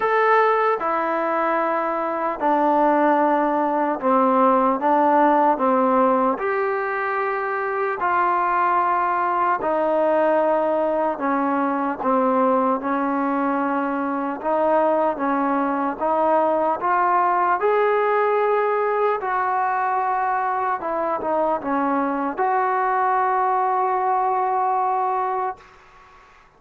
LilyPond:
\new Staff \with { instrumentName = "trombone" } { \time 4/4 \tempo 4 = 75 a'4 e'2 d'4~ | d'4 c'4 d'4 c'4 | g'2 f'2 | dis'2 cis'4 c'4 |
cis'2 dis'4 cis'4 | dis'4 f'4 gis'2 | fis'2 e'8 dis'8 cis'4 | fis'1 | }